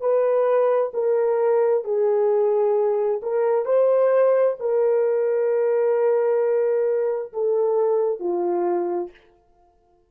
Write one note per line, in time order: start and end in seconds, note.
0.00 0.91 B4
0.93 1.84 A#4
1.84 3.20 G#4
3.22 3.65 A#4
3.65 4.56 C5
4.59 7.32 A#4
7.32 8.19 A4
8.19 9.10 F4